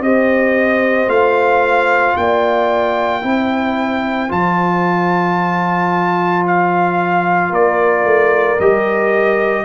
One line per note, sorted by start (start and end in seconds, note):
0.00 1.07 C4
0.00 1.08 G4
0.00 2.19 C5
0.00 1.09 D#5
1.07 2.14 A3
1.07 3.22 F4
1.07 2.16 F5
2.16 3.24 A#3
2.16 3.23 D5
2.16 4.31 G5
3.22 4.31 C4
3.22 4.29 E4
3.22 7.50 C5
4.29 7.51 F3
4.29 8.57 F4
4.29 6.46 A5
6.47 7.54 F5
7.50 8.04 A#3
7.50 9.64 A#4
7.50 8.60 D5
8.04 8.58 A3
8.60 9.65 G3
8.60 9.65 G4
8.60 9.65 D#5